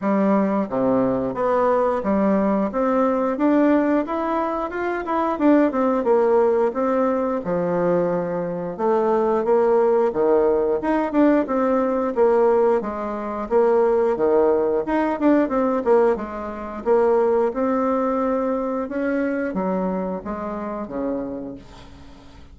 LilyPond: \new Staff \with { instrumentName = "bassoon" } { \time 4/4 \tempo 4 = 89 g4 c4 b4 g4 | c'4 d'4 e'4 f'8 e'8 | d'8 c'8 ais4 c'4 f4~ | f4 a4 ais4 dis4 |
dis'8 d'8 c'4 ais4 gis4 | ais4 dis4 dis'8 d'8 c'8 ais8 | gis4 ais4 c'2 | cis'4 fis4 gis4 cis4 | }